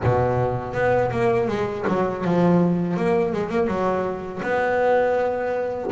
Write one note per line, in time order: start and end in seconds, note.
0.03 0.73 B2
0.73 1.10 B3
1.11 1.48 A#3
1.48 1.85 G#3
1.87 2.24 F#3
2.24 2.96 F3
2.96 3.32 A#3
3.32 3.49 G#3
3.49 3.67 A#3
3.67 4.41 F#3
4.42 5.91 B3